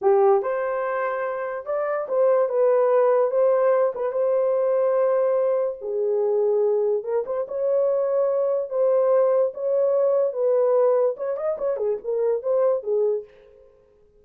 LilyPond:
\new Staff \with { instrumentName = "horn" } { \time 4/4 \tempo 4 = 145 g'4 c''2. | d''4 c''4 b'2 | c''4. b'8 c''2~ | c''2 gis'2~ |
gis'4 ais'8 c''8 cis''2~ | cis''4 c''2 cis''4~ | cis''4 b'2 cis''8 dis''8 | cis''8 gis'8 ais'4 c''4 gis'4 | }